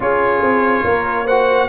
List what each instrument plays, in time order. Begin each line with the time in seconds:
0.00 tuba C#4, trombone F4, horn G#4, trumpet C#5
0.41 tuba C4
0.84 tuba A#3, horn A#4
1.25 trombone F#4, horn C5, trumpet F#5